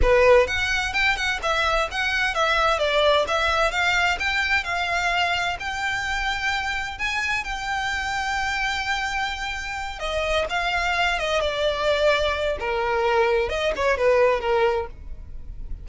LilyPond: \new Staff \with { instrumentName = "violin" } { \time 4/4 \tempo 4 = 129 b'4 fis''4 g''8 fis''8 e''4 | fis''4 e''4 d''4 e''4 | f''4 g''4 f''2 | g''2. gis''4 |
g''1~ | g''4. dis''4 f''4. | dis''8 d''2~ d''8 ais'4~ | ais'4 dis''8 cis''8 b'4 ais'4 | }